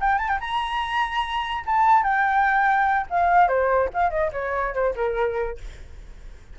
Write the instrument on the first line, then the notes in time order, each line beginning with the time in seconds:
flute
0.00 G5
0.18 A5
0.28 G5
0.40 A#5
1.66 A5
2.03 G5
3.09 F5
3.48 C5
3.93 F5
4.10 D#5
4.32 C#5
4.73 C5
4.95 A#4